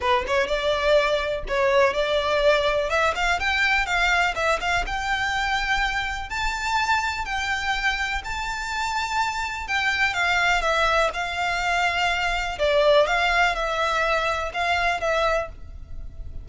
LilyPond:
\new Staff \with { instrumentName = "violin" } { \time 4/4 \tempo 4 = 124 b'8 cis''8 d''2 cis''4 | d''2 e''8 f''8 g''4 | f''4 e''8 f''8 g''2~ | g''4 a''2 g''4~ |
g''4 a''2. | g''4 f''4 e''4 f''4~ | f''2 d''4 f''4 | e''2 f''4 e''4 | }